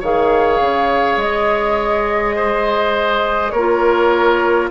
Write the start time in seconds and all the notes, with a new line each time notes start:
0.00 D#3 G#4 C#5 F5
0.60 C#3
1.17 G#3 D#5
2.36 C5
3.51 A#3 A#4 C#5
3.58 F4